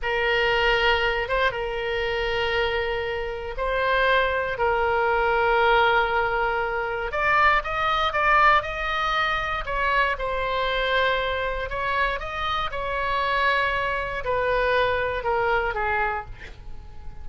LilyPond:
\new Staff \with { instrumentName = "oboe" } { \time 4/4 \tempo 4 = 118 ais'2~ ais'8 c''8 ais'4~ | ais'2. c''4~ | c''4 ais'2.~ | ais'2 d''4 dis''4 |
d''4 dis''2 cis''4 | c''2. cis''4 | dis''4 cis''2. | b'2 ais'4 gis'4 | }